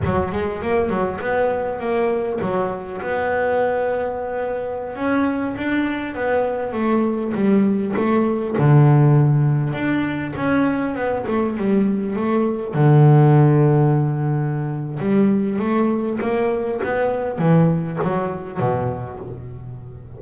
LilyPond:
\new Staff \with { instrumentName = "double bass" } { \time 4/4 \tempo 4 = 100 fis8 gis8 ais8 fis8 b4 ais4 | fis4 b2.~ | b16 cis'4 d'4 b4 a8.~ | a16 g4 a4 d4.~ d16~ |
d16 d'4 cis'4 b8 a8 g8.~ | g16 a4 d2~ d8.~ | d4 g4 a4 ais4 | b4 e4 fis4 b,4 | }